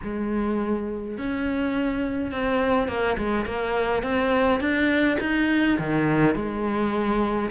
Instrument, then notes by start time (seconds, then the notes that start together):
cello
0.03 G#3
1.17 C#4
2.31 C4
2.88 A#3
3.17 G#3
3.45 A#3
4.02 C4
4.60 D4
5.20 D#4
5.78 D#3
6.35 G#3